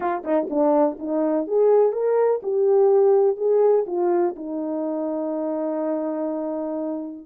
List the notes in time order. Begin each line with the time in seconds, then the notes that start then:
0.00 F4
0.24 D#4
0.50 D4
0.98 D#4
1.47 G#4
1.92 A#4
2.42 G4
3.37 G#4
3.87 F4
4.36 D#4